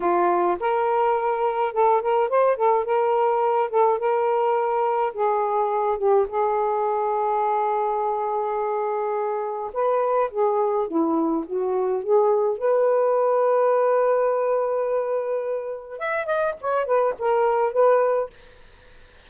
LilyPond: \new Staff \with { instrumentName = "saxophone" } { \time 4/4 \tempo 4 = 105 f'4 ais'2 a'8 ais'8 | c''8 a'8 ais'4. a'8 ais'4~ | ais'4 gis'4. g'8 gis'4~ | gis'1~ |
gis'4 b'4 gis'4 e'4 | fis'4 gis'4 b'2~ | b'1 | e''8 dis''8 cis''8 b'8 ais'4 b'4 | }